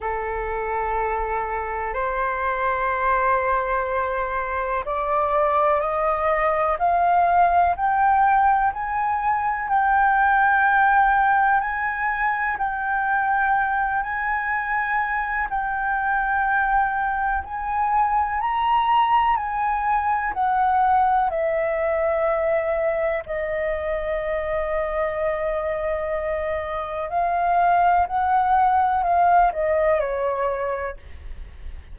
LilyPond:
\new Staff \with { instrumentName = "flute" } { \time 4/4 \tempo 4 = 62 a'2 c''2~ | c''4 d''4 dis''4 f''4 | g''4 gis''4 g''2 | gis''4 g''4. gis''4. |
g''2 gis''4 ais''4 | gis''4 fis''4 e''2 | dis''1 | f''4 fis''4 f''8 dis''8 cis''4 | }